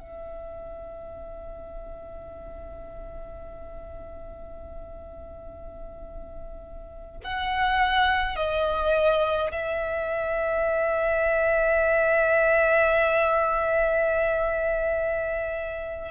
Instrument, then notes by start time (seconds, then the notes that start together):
violin
0.00 E5
7.24 F#5
8.36 D#5
9.52 E5